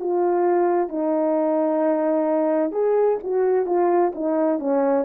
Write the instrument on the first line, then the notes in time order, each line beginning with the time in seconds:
horn
0.00 F4
0.89 D#4
2.72 G#4
3.23 F#4
3.66 F4
4.15 D#4
4.59 C#4